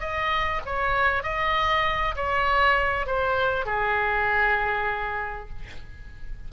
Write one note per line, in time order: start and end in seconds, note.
0.00 0.61 D#5
0.66 1.23 C#5
1.23 2.15 D#5
2.15 3.06 C#5
3.06 3.65 C5
3.65 5.49 G#4